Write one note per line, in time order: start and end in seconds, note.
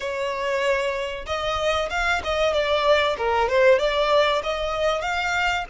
0.00 1.25 C#5
1.26 1.89 D#5
1.89 2.21 F5
2.23 2.53 D#5
2.53 3.16 D5
3.18 3.49 A#4
3.49 3.78 C5
3.78 4.42 D5
4.43 5.01 D#5
5.01 5.64 F5